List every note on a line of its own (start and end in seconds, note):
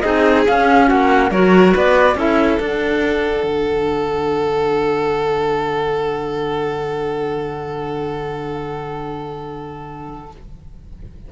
0.00 0.47 C4
0.00 0.46 D#4
0.00 0.87 G#4
0.00 0.43 D#5
0.46 1.32 C#4
0.46 0.90 C#4
0.46 0.88 F5
0.87 1.31 A#3
0.87 1.30 F#4
0.87 1.31 F#5
1.31 1.74 F#3
1.31 2.17 F#4
1.31 1.74 A#4
1.31 1.74 C#5
1.74 2.15 B3
1.74 2.17 B4
1.74 2.19 D5
2.15 2.58 C#4
2.15 2.60 E4
2.15 10.32 A4
2.15 2.59 E5
2.59 3.43 D4
2.59 10.32 D4
2.59 10.31 F#5
3.43 10.29 D3